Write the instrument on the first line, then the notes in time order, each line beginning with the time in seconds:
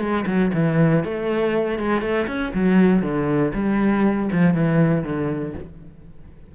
cello
0.00 G#3
0.26 F#3
0.54 E3
1.04 A3
1.79 G#3
2.01 A3
2.27 C#4
2.54 F#3
3.02 D3
3.54 G3
4.32 F3
4.54 E3
5.04 D3